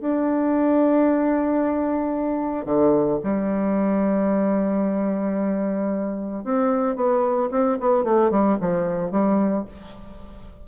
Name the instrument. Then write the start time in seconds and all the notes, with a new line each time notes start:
bassoon
0.00 D4
2.65 D3
3.23 G3
6.44 C4
6.95 B3
7.50 C4
7.80 B3
8.03 A3
8.30 G3
8.60 F3
9.10 G3